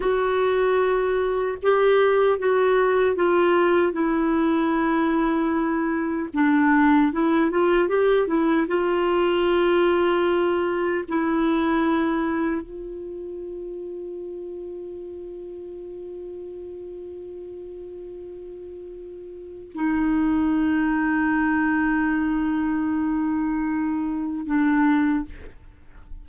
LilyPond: \new Staff \with { instrumentName = "clarinet" } { \time 4/4 \tempo 4 = 76 fis'2 g'4 fis'4 | f'4 e'2. | d'4 e'8 f'8 g'8 e'8 f'4~ | f'2 e'2 |
f'1~ | f'1~ | f'4 dis'2.~ | dis'2. d'4 | }